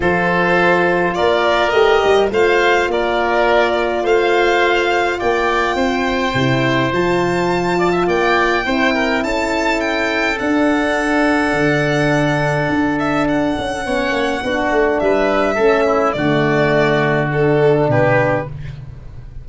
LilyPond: <<
  \new Staff \with { instrumentName = "violin" } { \time 4/4 \tempo 4 = 104 c''2 d''4 dis''4 | f''4 d''2 f''4~ | f''4 g''2. | a''2 g''2 |
a''4 g''4 fis''2~ | fis''2~ fis''8 e''8 fis''4~ | fis''2 e''2 | d''2 a'4 b'4 | }
  \new Staff \with { instrumentName = "oboe" } { \time 4/4 a'2 ais'2 | c''4 ais'2 c''4~ | c''4 d''4 c''2~ | c''4. d''16 e''16 d''4 c''8 ais'8 |
a'1~ | a'1 | cis''4 fis'4 b'4 a'8 e'8 | fis'2. g'4 | }
  \new Staff \with { instrumentName = "horn" } { \time 4/4 f'2. g'4 | f'1~ | f'2. e'4 | f'2. e'4~ |
e'2 d'2~ | d'1 | cis'4 d'2 cis'4 | a2 d'2 | }
  \new Staff \with { instrumentName = "tuba" } { \time 4/4 f2 ais4 a8 g8 | a4 ais2 a4~ | a4 ais4 c'4 c4 | f2 ais4 c'4 |
cis'2 d'2 | d2 d'4. cis'8 | b8 ais8 b8 a8 g4 a4 | d2. b,4 | }
>>